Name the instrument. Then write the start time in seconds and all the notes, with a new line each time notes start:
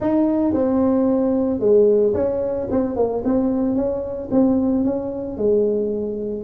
tuba
0.00 D#4
0.53 C4
1.59 G#3
2.14 C#4
2.71 C4
2.95 A#3
3.24 C4
3.75 C#4
4.31 C4
4.84 C#4
5.37 G#3